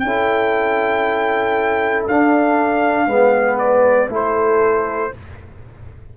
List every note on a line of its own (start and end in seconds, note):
0.00 2.07 C#4
0.00 3.07 A4
0.00 2.03 G5
0.07 2.10 E4
2.08 3.07 D4
2.08 3.09 D4
2.08 3.59 F5
3.07 4.09 G#3
3.07 4.10 B3
3.07 4.09 B4
3.59 4.10 D5
4.09 5.11 A3
4.09 5.12 E4
4.09 5.13 A4
4.16 5.18 C5